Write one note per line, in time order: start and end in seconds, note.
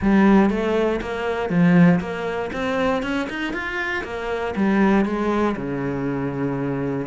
0.01 0.50 G3
0.50 1.00 A3
1.01 1.49 A#3
1.49 2.00 F3
2.00 2.50 A#3
2.52 3.03 C4
3.03 3.28 C#4
3.29 3.53 D#4
3.53 4.03 F4
4.04 4.54 A#3
4.56 5.05 G3
5.05 5.55 G#3
5.56 7.06 C#3